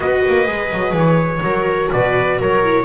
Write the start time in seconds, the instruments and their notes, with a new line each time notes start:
0.00 double bass B3, viola F#4 B4, trumpet D#5
0.28 double bass A#3
0.45 double bass G#3, viola G#4
0.72 double bass F#3
0.92 double bass E3, trumpet C#5
1.43 double bass F#3, viola F#4 A#4
1.91 double bass B2, viola B4, trumpet D5
2.39 double bass F#3, viola A#4, trumpet C#5
2.63 viola E4